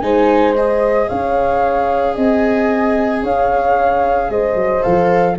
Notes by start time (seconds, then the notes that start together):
0.00 G#3 D#4 C5 G#5
0.55 G#4 D#5
1.09 C#4 C#5 F5
2.15 C4 D#5 G#5
3.23 C#4 C#5 F5
4.30 G#3 C5 D#5
4.55 F#3
4.82 F3 A4 F5